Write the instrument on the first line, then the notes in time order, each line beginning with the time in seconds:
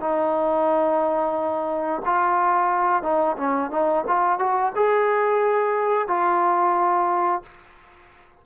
trombone
0.00 D#4
2.05 F4
3.02 D#4
3.37 C#4
3.70 D#4
4.07 F4
4.39 F#4
4.75 G#4
6.08 F4